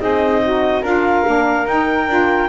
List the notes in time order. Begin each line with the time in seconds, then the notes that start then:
0.00 C4 D#4 G#4 D#5
0.42 F#4
0.82 D4 F4 A#4 F5
1.25 A#3 D4
1.66 D#4 G5
2.07 D4 F4